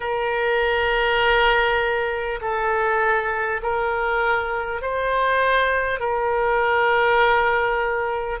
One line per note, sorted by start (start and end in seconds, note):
0.00 2.39 A#4
2.41 3.61 A4
3.62 4.81 A#4
4.81 5.99 C5
5.99 8.39 A#4